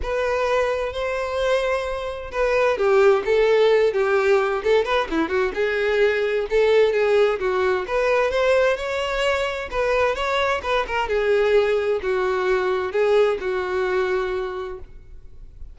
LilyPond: \new Staff \with { instrumentName = "violin" } { \time 4/4 \tempo 4 = 130 b'2 c''2~ | c''4 b'4 g'4 a'4~ | a'8 g'4. a'8 b'8 e'8 fis'8 | gis'2 a'4 gis'4 |
fis'4 b'4 c''4 cis''4~ | cis''4 b'4 cis''4 b'8 ais'8 | gis'2 fis'2 | gis'4 fis'2. | }